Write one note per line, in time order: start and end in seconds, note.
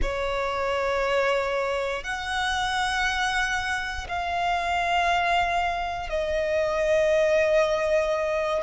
0.02 2.03 C#5
2.03 4.07 F#5
4.08 6.09 F5
6.09 8.62 D#5